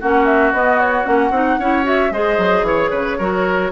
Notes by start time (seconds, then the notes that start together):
0.00 A#3 C#4 F#4 F#5
0.26 E5
0.52 B3 D#5
0.80 C#5
1.04 A#3 C#4 F#5
1.30 C4 D#4
1.59 C#4 E4 C#5
1.83 F#4 E5
2.11 G#3 G#4 C5 D#5
2.38 F#3
2.62 E3 C#5
2.90 C#3 B4
3.18 F#3 F#4 A#4